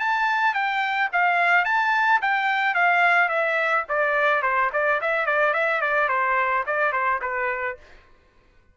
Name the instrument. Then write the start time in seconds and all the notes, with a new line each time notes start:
trumpet
0.00 A5
0.54 G5
1.13 F5
1.65 A5
2.22 G5
2.75 F5
3.29 E5
3.89 D5
4.43 C5
4.73 D5
5.02 E5
5.26 D5
5.54 E5
5.82 D5
6.09 C5
6.67 D5
6.93 C5
7.22 B4